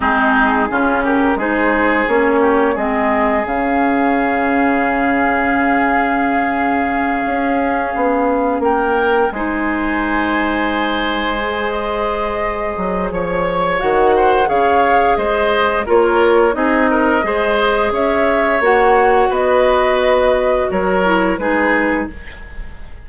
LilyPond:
<<
  \new Staff \with { instrumentName = "flute" } { \time 4/4 \tempo 4 = 87 gis'4. ais'8 c''4 cis''4 | dis''4 f''2.~ | f''1~ | f''8 g''4 gis''2~ gis''8~ |
gis''4 dis''2 cis''4 | fis''4 f''4 dis''4 cis''4 | dis''2 e''4 fis''4 | dis''2 cis''4 b'4 | }
  \new Staff \with { instrumentName = "oboe" } { \time 4/4 dis'4 f'8 g'8 gis'4. g'8 | gis'1~ | gis'1~ | gis'8 ais'4 c''2~ c''8~ |
c''2. cis''4~ | cis''8 c''8 cis''4 c''4 ais'4 | gis'8 ais'8 c''4 cis''2 | b'2 ais'4 gis'4 | }
  \new Staff \with { instrumentName = "clarinet" } { \time 4/4 c'4 cis'4 dis'4 cis'4 | c'4 cis'2.~ | cis'1~ | cis'4. dis'2~ dis'8~ |
dis'8 gis'2.~ gis'8 | fis'4 gis'2 f'4 | dis'4 gis'2 fis'4~ | fis'2~ fis'8 e'8 dis'4 | }
  \new Staff \with { instrumentName = "bassoon" } { \time 4/4 gis4 cis4 gis4 ais4 | gis4 cis2.~ | cis2~ cis8 cis'4 b8~ | b8 ais4 gis2~ gis8~ |
gis2~ gis8 fis8 f4 | dis4 cis4 gis4 ais4 | c'4 gis4 cis'4 ais4 | b2 fis4 gis4 | }
>>